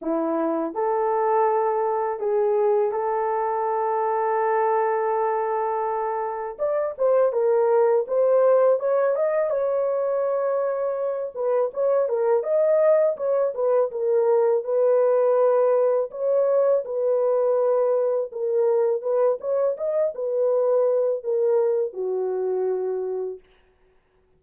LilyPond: \new Staff \with { instrumentName = "horn" } { \time 4/4 \tempo 4 = 82 e'4 a'2 gis'4 | a'1~ | a'4 d''8 c''8 ais'4 c''4 | cis''8 dis''8 cis''2~ cis''8 b'8 |
cis''8 ais'8 dis''4 cis''8 b'8 ais'4 | b'2 cis''4 b'4~ | b'4 ais'4 b'8 cis''8 dis''8 b'8~ | b'4 ais'4 fis'2 | }